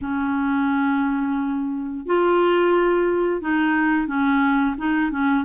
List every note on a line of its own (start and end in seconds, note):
0.01 2.05 C#4
2.06 3.41 F4
3.41 4.07 D#4
4.07 4.75 C#4
4.77 5.11 D#4
5.11 5.44 C#4